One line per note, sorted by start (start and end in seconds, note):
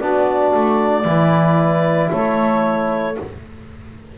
0.00 0.54 B3
0.00 1.04 D4
0.00 1.06 F#4
0.00 2.11 D5
0.54 1.05 A3
1.04 2.10 E3
1.04 3.15 E4
1.04 2.10 B4
2.10 3.18 A3
2.10 3.16 A4
2.10 3.18 C#5